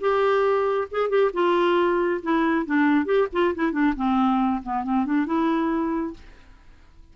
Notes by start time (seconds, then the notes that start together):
0.00 G4
0.91 G#4
1.09 G4
1.33 F4
2.22 E4
2.65 D4
3.05 G4
3.32 F4
3.55 E4
3.72 D4
3.96 C4
4.63 B3
4.83 C4
5.05 D4
5.26 E4